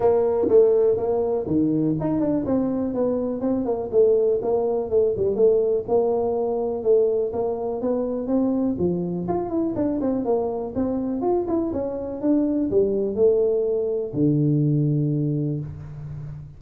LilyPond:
\new Staff \with { instrumentName = "tuba" } { \time 4/4 \tempo 4 = 123 ais4 a4 ais4 dis4 | dis'8 d'8 c'4 b4 c'8 ais8 | a4 ais4 a8 g8 a4 | ais2 a4 ais4 |
b4 c'4 f4 f'8 e'8 | d'8 c'8 ais4 c'4 f'8 e'8 | cis'4 d'4 g4 a4~ | a4 d2. | }